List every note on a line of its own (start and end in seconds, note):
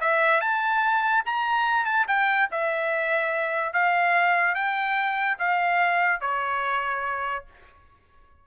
0.00 0.41 E5
0.41 1.23 A5
1.25 1.85 A#5
1.85 2.06 A5
2.07 2.49 G5
2.51 3.73 E5
3.73 4.55 F5
4.55 5.37 G5
5.38 6.21 F5
6.21 7.45 C#5